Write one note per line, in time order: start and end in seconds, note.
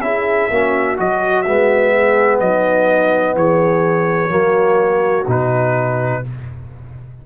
0.00 0.48 C#4
0.00 0.51 E4
0.00 0.51 G#4
0.00 0.96 E5
0.50 0.97 A#3
0.50 0.96 C#4
0.50 1.94 F#4
0.96 1.46 F#3
0.96 1.44 F#4
0.96 1.41 D#5
1.41 2.40 G#3
1.41 4.29 B3
1.41 2.37 E5
1.94 2.42 G#4
2.39 3.35 F#3
2.39 3.37 D#4
2.39 3.35 D#5
3.35 4.29 E3
3.35 4.30 G#4
3.35 5.27 C#5
4.29 5.25 F#3
4.29 5.24 A#3
4.29 6.21 F#4
5.27 6.22 B2
5.27 6.23 D#4
5.27 6.26 B4